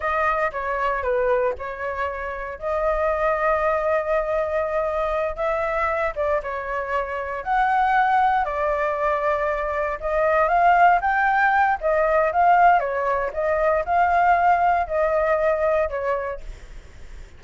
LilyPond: \new Staff \with { instrumentName = "flute" } { \time 4/4 \tempo 4 = 117 dis''4 cis''4 b'4 cis''4~ | cis''4 dis''2.~ | dis''2~ dis''8 e''4. | d''8 cis''2 fis''4.~ |
fis''8 d''2. dis''8~ | dis''8 f''4 g''4. dis''4 | f''4 cis''4 dis''4 f''4~ | f''4 dis''2 cis''4 | }